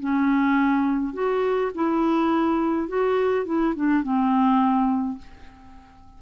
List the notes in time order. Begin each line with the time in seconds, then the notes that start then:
0.00 C#4
1.14 F#4
1.75 E4
2.88 F#4
3.46 E4
3.76 D4
4.03 C4